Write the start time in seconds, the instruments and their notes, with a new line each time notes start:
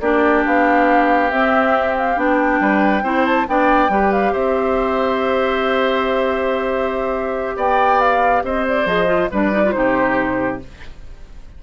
0.00 bassoon A#3, clarinet D4, oboe G4, flute D5
0.45 bassoon B3, flute F5
1.30 bassoon C4, clarinet C4, flute E5
1.97 flute F5
2.16 bassoon B3, clarinet D4, flute G5
2.60 bassoon G3, oboe B4
3.03 bassoon C4, clarinet E4, oboe C5
3.25 flute A5
3.48 bassoon B3, clarinet D4, oboe D5, flute G5
3.89 bassoon G3, clarinet G4, oboe B4
4.12 flute F5
4.32 bassoon C4, oboe C5, flute E5
7.56 bassoon B3, oboe D5, flute G5
8.00 flute F5
8.43 bassoon C4, oboe C5, flute D#5
8.67 flute D5
8.85 bassoon F3, clarinet G#4, flute D#5
9.06 clarinet F4
9.30 bassoon G3, clarinet D4, oboe B4, flute D5
9.51 clarinet D#4
9.64 clarinet F4
9.71 bassoon C3, clarinet D#4, oboe G4, flute C5